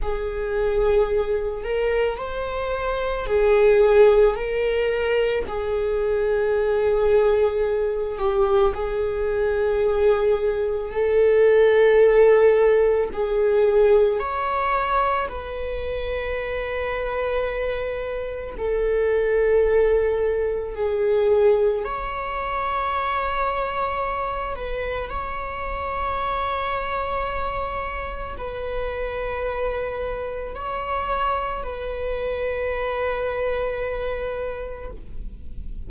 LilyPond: \new Staff \with { instrumentName = "viola" } { \time 4/4 \tempo 4 = 55 gis'4. ais'8 c''4 gis'4 | ais'4 gis'2~ gis'8 g'8 | gis'2 a'2 | gis'4 cis''4 b'2~ |
b'4 a'2 gis'4 | cis''2~ cis''8 b'8 cis''4~ | cis''2 b'2 | cis''4 b'2. | }